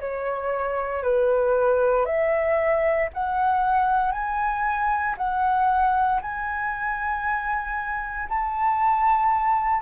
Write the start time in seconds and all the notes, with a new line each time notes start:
0.00 C#5
1.03 B4
2.05 E5
3.13 F#5
4.12 G#5
5.17 F#5
6.22 G#5
8.29 A5